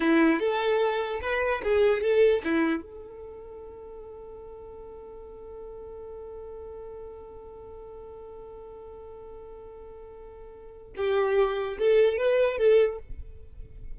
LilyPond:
\new Staff \with { instrumentName = "violin" } { \time 4/4 \tempo 4 = 148 e'4 a'2 b'4 | gis'4 a'4 e'4 a'4~ | a'1~ | a'1~ |
a'1~ | a'1~ | a'2. g'4~ | g'4 a'4 b'4 a'4 | }